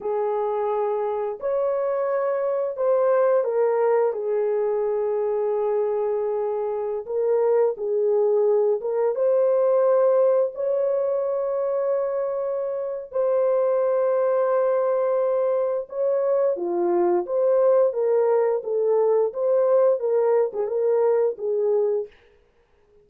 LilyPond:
\new Staff \with { instrumentName = "horn" } { \time 4/4 \tempo 4 = 87 gis'2 cis''2 | c''4 ais'4 gis'2~ | gis'2~ gis'16 ais'4 gis'8.~ | gis'8. ais'8 c''2 cis''8.~ |
cis''2. c''4~ | c''2. cis''4 | f'4 c''4 ais'4 a'4 | c''4 ais'8. gis'16 ais'4 gis'4 | }